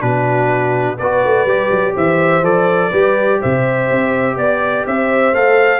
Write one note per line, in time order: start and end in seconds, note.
0.00 0.99 B2
0.00 0.97 D4
0.00 0.97 F#4
0.00 0.98 B4
0.97 1.24 B3
0.97 1.48 F#4
0.97 1.94 B4
0.97 1.95 D5
1.24 1.45 A3
1.45 1.70 G3
1.45 2.43 G4
1.70 1.95 F#3
1.94 2.42 E3
1.94 2.90 C5
1.94 2.45 E5
2.42 2.91 F3
2.42 2.92 A4
2.42 3.42 D5
2.90 3.41 G3
2.90 5.34 G4
2.90 3.38 B4
3.41 3.91 C3
3.41 4.37 C5
3.41 4.37 E5
3.91 4.37 C4
4.37 4.85 B3
4.37 4.86 D5
4.86 5.34 C4
4.86 5.80 C5
4.86 5.35 E5
5.34 5.80 A3
5.34 5.80 A4
5.34 5.80 F5